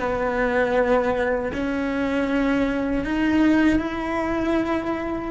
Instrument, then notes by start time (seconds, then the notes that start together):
cello
0.00 B3
1.53 C#4
3.04 D#4
3.79 E4